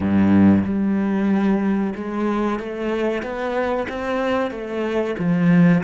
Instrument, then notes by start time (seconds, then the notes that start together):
cello
0.00 G2
0.65 G3
1.95 G#3
2.59 A3
3.23 B3
3.89 C4
4.50 A3
5.18 F3